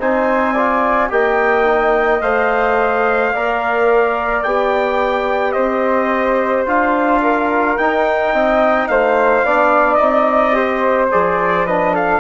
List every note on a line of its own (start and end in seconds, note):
0.00 1.11 C4
0.00 0.56 D#4
0.00 0.54 C5
0.00 1.12 G#5
0.54 1.09 F4
0.54 1.09 D5
1.09 2.22 A#3
1.09 1.65 G4
1.09 3.32 D#5
1.09 2.22 G5
1.65 2.20 D#4
2.22 3.33 A3
2.22 3.34 C5
2.22 4.44 F5
3.32 4.45 A#3
3.32 4.46 A#4
3.32 5.54 D5
4.44 5.56 B3
4.44 6.67 G4
4.44 5.53 G5
5.53 6.67 C4
5.53 7.21 C5
5.53 6.64 D#5
6.67 7.78 D4
6.67 7.78 F4
6.67 7.78 F5
7.23 8.33 A#4
7.78 9.45 D#4
7.78 8.34 D#4
7.78 8.88 G5
8.33 8.89 C4
8.33 8.89 D#5
8.88 9.44 A3
8.88 9.46 C5
8.88 9.95 F5
9.44 10.00 B3
9.44 10.00 D4
9.44 10.56 D5
9.95 11.12 C4
9.95 10.53 D#4
9.95 11.06 D#5
10.53 11.09 G4
10.53 11.66 C5
11.12 12.21 F3
11.12 11.67 G#4
11.12 11.67 D5
11.66 12.21 D4
11.66 11.94 B4
11.66 11.95 D#5
11.94 12.21 A4
11.94 12.21 F5